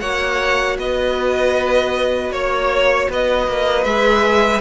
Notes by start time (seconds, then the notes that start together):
0.00 A#3 F#4 C#5 F#5
0.78 B3 B4 D#5
2.30 A#3 C#5
3.09 B3 B4 D#5
3.47 A#3
3.84 G#3 G#4 E5